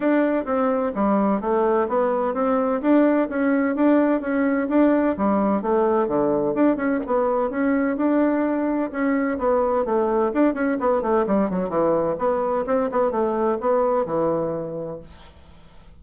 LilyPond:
\new Staff \with { instrumentName = "bassoon" } { \time 4/4 \tempo 4 = 128 d'4 c'4 g4 a4 | b4 c'4 d'4 cis'4 | d'4 cis'4 d'4 g4 | a4 d4 d'8 cis'8 b4 |
cis'4 d'2 cis'4 | b4 a4 d'8 cis'8 b8 a8 | g8 fis8 e4 b4 c'8 b8 | a4 b4 e2 | }